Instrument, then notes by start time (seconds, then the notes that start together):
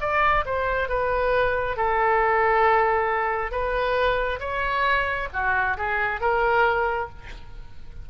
oboe
0.00 D5
0.45 C5
0.88 B4
1.76 A4
3.51 B4
4.40 C#5
5.33 F#4
5.77 G#4
6.20 A#4